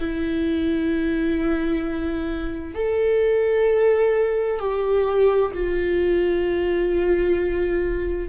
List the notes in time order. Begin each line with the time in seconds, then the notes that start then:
0.00 E4
2.75 A4
4.59 G4
5.54 F4